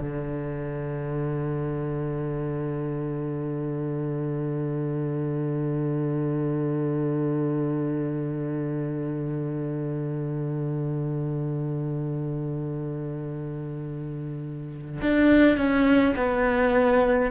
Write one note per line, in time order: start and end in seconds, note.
0.00 15.00 D3
15.01 15.57 D4
15.57 16.14 C#4
16.15 17.31 B3